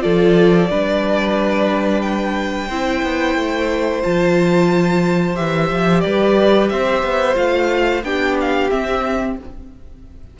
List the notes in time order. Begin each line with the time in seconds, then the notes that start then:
0.00 F3 F4 A4 D5
0.70 G3 D4 B4
2.02 G5
2.68 C4 E4 C5
3.03 B3
3.36 A3
4.03 F3 F4 A5
5.35 E3 G4 E5
5.70 F3
6.01 G3 B4 D5
6.69 C4 C5 E5
7.03 B3
7.35 A3 F4 F5
8.03 B3 D4 G4 G5
8.41 F5
8.70 C4 E5